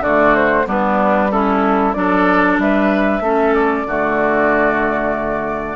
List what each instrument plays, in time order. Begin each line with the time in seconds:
0.00 bassoon D3, clarinet A3, oboe F#4, flute D5
0.35 flute C5
0.66 bassoon G3, clarinet B3, oboe D4, flute B4
1.31 clarinet C#4, oboe E4, flute A4
1.93 bassoon F#3, clarinet D4, oboe A4, flute D5
2.58 bassoon G3, oboe B4, flute E5
3.20 bassoon A3, clarinet C#4, oboe A4
3.54 flute D5
3.87 bassoon D3, clarinet A3, oboe F#4